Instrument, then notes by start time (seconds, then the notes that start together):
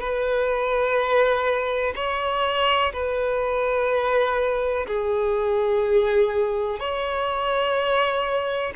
violin
0.00 B4
1.96 C#5
2.93 B4
4.87 G#4
6.80 C#5